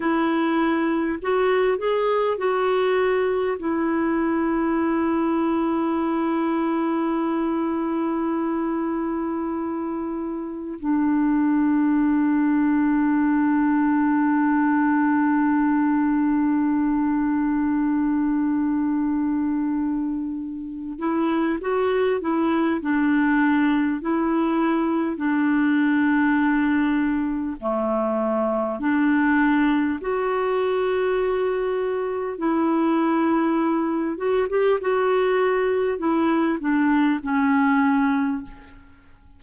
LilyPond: \new Staff \with { instrumentName = "clarinet" } { \time 4/4 \tempo 4 = 50 e'4 fis'8 gis'8 fis'4 e'4~ | e'1~ | e'4 d'2.~ | d'1~ |
d'4. e'8 fis'8 e'8 d'4 | e'4 d'2 a4 | d'4 fis'2 e'4~ | e'8 fis'16 g'16 fis'4 e'8 d'8 cis'4 | }